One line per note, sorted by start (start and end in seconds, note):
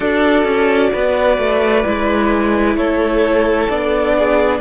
0.00 0.43 D4
0.00 1.85 F#4
0.00 0.90 A4
0.00 2.76 D5
0.43 0.89 C#4
0.92 1.37 B3
0.92 2.77 B4
1.37 1.84 A3
1.85 2.75 G#3
1.85 3.70 E4
2.75 3.67 A3
2.75 4.16 A4
2.75 3.68 C#5
3.68 4.60 B3
3.68 4.60 D4
3.68 4.60 D5
4.18 4.60 G#4